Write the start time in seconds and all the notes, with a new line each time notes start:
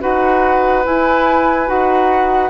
0.00 D#4 F#4 B4 F#5
0.84 E4 G#5
1.66 D#4 F#4 F#5